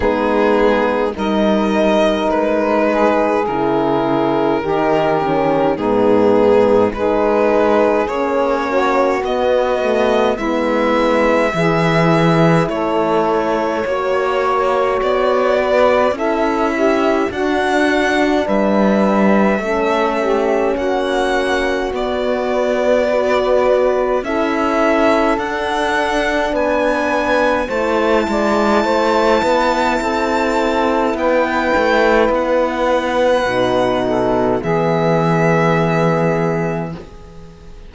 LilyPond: <<
  \new Staff \with { instrumentName = "violin" } { \time 4/4 \tempo 4 = 52 gis'4 dis''4 b'4 ais'4~ | ais'4 gis'4 b'4 cis''4 | dis''4 e''2 cis''4~ | cis''4 d''4 e''4 fis''4 |
e''2 fis''4 d''4~ | d''4 e''4 fis''4 gis''4 | a''2. g''4 | fis''2 e''2 | }
  \new Staff \with { instrumentName = "saxophone" } { \time 4/4 dis'4 ais'4. gis'4. | g'4 dis'4 gis'4. fis'8~ | fis'4 e'4 gis'4 a'4 | cis''4. b'8 a'8 g'8 fis'4 |
b'4 a'8 g'8 fis'2 | b'4 a'2 b'4 | c''8 d''8 c''8 b'8 a'4 b'4~ | b'4. a'8 gis'2 | }
  \new Staff \with { instrumentName = "horn" } { \time 4/4 b4 dis'2 e'4 | dis'8 cis'8 b4 dis'4 cis'4 | b8 a8 b4 e'2 | fis'2 e'4 d'4~ |
d'4 cis'2 b4 | fis'4 e'4 d'2 | e'1~ | e'4 dis'4 b2 | }
  \new Staff \with { instrumentName = "cello" } { \time 4/4 gis4 g4 gis4 cis4 | dis4 gis,4 gis4 ais4 | b4 gis4 e4 a4 | ais4 b4 cis'4 d'4 |
g4 a4 ais4 b4~ | b4 cis'4 d'4 b4 | a8 gis8 a8 b8 c'4 b8 a8 | b4 b,4 e2 | }
>>